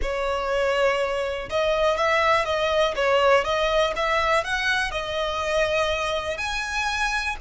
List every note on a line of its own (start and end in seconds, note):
0.01 1.49 C#5
1.49 1.97 D#5
1.97 2.45 E5
2.45 2.94 D#5
2.95 3.44 C#5
3.44 3.93 D#5
3.96 4.44 E5
4.44 4.91 F#5
4.91 6.37 D#5
6.37 7.35 G#5